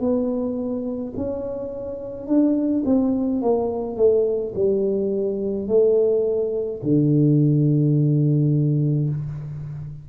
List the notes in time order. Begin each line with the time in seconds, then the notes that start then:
0.00 B3
1.16 C#4
2.27 D4
2.86 C4
3.42 A#3
3.97 A3
4.55 G3
5.68 A3
6.83 D3